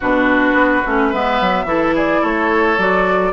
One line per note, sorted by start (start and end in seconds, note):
0.00 0.53 B2
0.00 0.84 D4
0.00 1.08 F#4
0.00 1.11 B4
0.53 0.81 B3
0.85 1.13 A3
0.85 1.13 C#4
1.08 1.40 G#3
1.08 1.66 B3
1.08 1.64 B4
1.08 1.95 E5
1.40 1.64 F#3
1.64 2.20 E3
1.64 2.77 E4
1.64 1.94 A4
1.94 2.21 G#4
1.94 2.24 D5
2.21 2.77 A3
2.21 3.32 A4
2.21 2.79 C#5
2.77 3.32 F#3
2.77 3.32 F#4
2.77 3.32 D5